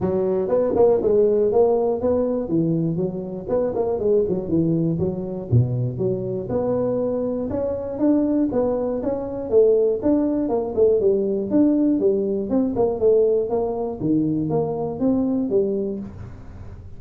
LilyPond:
\new Staff \with { instrumentName = "tuba" } { \time 4/4 \tempo 4 = 120 fis4 b8 ais8 gis4 ais4 | b4 e4 fis4 b8 ais8 | gis8 fis8 e4 fis4 b,4 | fis4 b2 cis'4 |
d'4 b4 cis'4 a4 | d'4 ais8 a8 g4 d'4 | g4 c'8 ais8 a4 ais4 | dis4 ais4 c'4 g4 | }